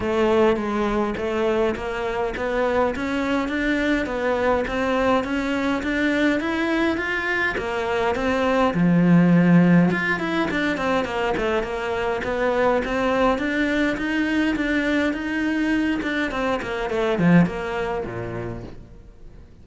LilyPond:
\new Staff \with { instrumentName = "cello" } { \time 4/4 \tempo 4 = 103 a4 gis4 a4 ais4 | b4 cis'4 d'4 b4 | c'4 cis'4 d'4 e'4 | f'4 ais4 c'4 f4~ |
f4 f'8 e'8 d'8 c'8 ais8 a8 | ais4 b4 c'4 d'4 | dis'4 d'4 dis'4. d'8 | c'8 ais8 a8 f8 ais4 ais,4 | }